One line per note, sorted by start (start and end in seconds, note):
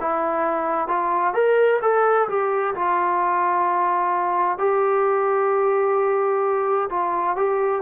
0.00 0.88 E4
0.88 1.33 F4
1.33 1.80 A#4
1.82 2.28 A4
2.28 2.74 G4
2.75 4.58 F4
4.58 6.89 G4
6.90 7.36 F4
7.36 7.81 G4